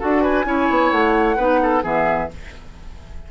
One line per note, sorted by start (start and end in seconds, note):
0.00 0.45 D4
0.00 0.45 F#4
0.00 0.22 A4
0.00 0.23 F#5
0.22 0.45 B4
0.22 0.91 G#5
0.45 0.69 C#4
0.45 1.37 E4
0.45 1.37 C#5
0.70 0.92 B3
0.91 1.38 A3
0.91 1.84 F#5
1.37 1.84 B3
1.37 1.83 D#4
1.37 1.60 B4
1.63 1.83 A4
1.83 2.30 E3
1.83 2.29 B3
1.83 2.30 G#4
1.83 2.31 E5